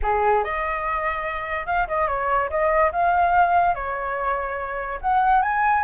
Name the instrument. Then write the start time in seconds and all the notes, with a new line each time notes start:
flute
0.02 G#4
0.43 D#5
1.66 F5
1.87 D#5
2.07 C#5
2.50 D#5
2.92 F5
3.74 C#5
5.01 F#5
5.42 G#5